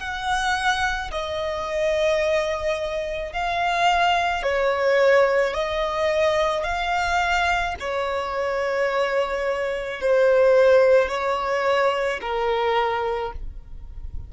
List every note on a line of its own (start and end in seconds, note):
0.00 1.11 F#5
1.12 3.33 D#5
3.33 4.43 F5
4.43 5.54 C#5
5.54 6.64 D#5
6.64 7.75 F5
7.80 10.02 C#5
10.02 11.09 C5
11.09 12.20 C#5
12.22 13.33 A#4